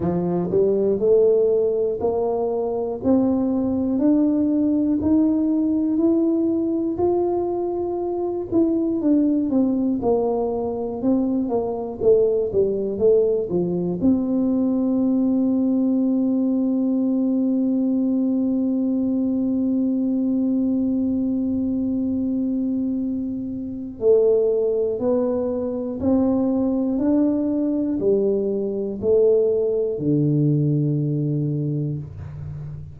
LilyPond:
\new Staff \with { instrumentName = "tuba" } { \time 4/4 \tempo 4 = 60 f8 g8 a4 ais4 c'4 | d'4 dis'4 e'4 f'4~ | f'8 e'8 d'8 c'8 ais4 c'8 ais8 | a8 g8 a8 f8 c'2~ |
c'1~ | c'1 | a4 b4 c'4 d'4 | g4 a4 d2 | }